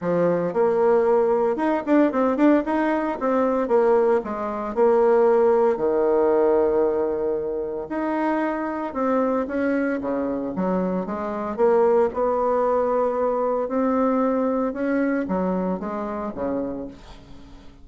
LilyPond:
\new Staff \with { instrumentName = "bassoon" } { \time 4/4 \tempo 4 = 114 f4 ais2 dis'8 d'8 | c'8 d'8 dis'4 c'4 ais4 | gis4 ais2 dis4~ | dis2. dis'4~ |
dis'4 c'4 cis'4 cis4 | fis4 gis4 ais4 b4~ | b2 c'2 | cis'4 fis4 gis4 cis4 | }